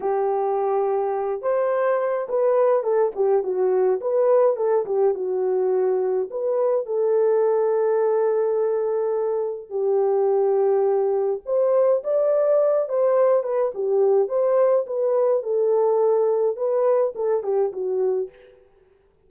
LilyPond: \new Staff \with { instrumentName = "horn" } { \time 4/4 \tempo 4 = 105 g'2~ g'8 c''4. | b'4 a'8 g'8 fis'4 b'4 | a'8 g'8 fis'2 b'4 | a'1~ |
a'4 g'2. | c''4 d''4. c''4 b'8 | g'4 c''4 b'4 a'4~ | a'4 b'4 a'8 g'8 fis'4 | }